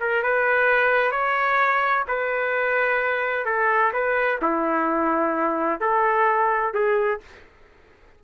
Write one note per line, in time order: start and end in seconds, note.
0.00 0.23 A#4
0.23 1.11 B4
1.11 2.04 C#5
2.08 3.45 B4
3.45 3.92 A4
3.93 4.40 B4
4.42 5.81 E4
5.81 6.74 A4
6.74 7.20 G#4